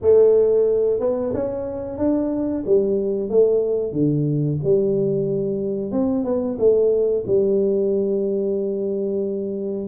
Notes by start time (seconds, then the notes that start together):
0.01 A3
1.00 B3
1.34 C#4
1.98 D4
2.66 G3
3.29 A3
3.92 D3
4.63 G3
5.91 C4
6.24 B3
6.58 A3
7.26 G3